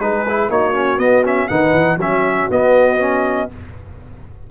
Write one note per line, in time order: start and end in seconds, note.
0.00 0.50 G#3
0.00 0.26 D#4
0.00 0.50 G#4
0.00 0.50 B4
0.29 0.51 E4
0.50 0.98 A#3
0.50 0.74 D#4
0.50 1.50 F#4
0.50 0.99 C#5
0.74 0.99 C#4
0.98 1.48 B3
0.98 1.24 B3
0.98 1.24 D#5
1.25 1.50 C#4
1.25 1.48 E5
1.48 1.73 D#3
1.48 1.99 D#4
1.48 1.99 B4
1.48 1.98 F#5
1.73 1.97 E3
1.97 2.47 F#3
1.97 2.51 C#4
1.97 3.50 F#4
1.97 2.51 E5
2.51 3.50 B3
2.51 2.99 B3
2.51 3.51 D#5
2.99 3.49 C#4